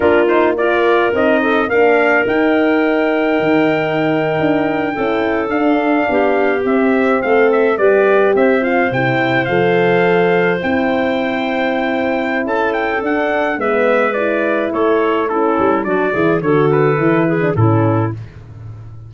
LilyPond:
<<
  \new Staff \with { instrumentName = "trumpet" } { \time 4/4 \tempo 4 = 106 ais'8 c''8 d''4 dis''4 f''4 | g''1~ | g''4.~ g''16 f''2 e''16~ | e''8. f''8 e''8 d''4 e''8 f''8 g''16~ |
g''8. f''2 g''4~ g''16~ | g''2 a''8 g''8 fis''4 | e''4 d''4 cis''4 a'4 | d''4 cis''8 b'4. a'4 | }
  \new Staff \with { instrumentName = "clarinet" } { \time 4/4 f'4 ais'4. a'8 ais'4~ | ais'1~ | ais'8. a'2 g'4~ g'16~ | g'8. a'4 b'4 c''4~ c''16~ |
c''1~ | c''2 a'2 | b'2 a'4 e'4 | fis'8 gis'8 a'4. gis'8 e'4 | }
  \new Staff \with { instrumentName = "horn" } { \time 4/4 d'8 dis'8 f'4 dis'4 d'4 | dis'1~ | dis'8. e'4 d'2 c'16~ | c'4.~ c'16 g'4. f'8 e'16~ |
e'8. a'2 e'4~ e'16~ | e'2. d'4 | b4 e'2 cis'4 | d'8 e'8 fis'4 e'8. d'16 cis'4 | }
  \new Staff \with { instrumentName = "tuba" } { \time 4/4 ais2 c'4 ais4 | dis'2 dis4.~ dis16 d'16~ | d'8. cis'4 d'4 b4 c'16~ | c'8. a4 g4 c'4 c16~ |
c8. f2 c'4~ c'16~ | c'2 cis'4 d'4 | gis2 a4. g8 | fis8 e8 d4 e4 a,4 | }
>>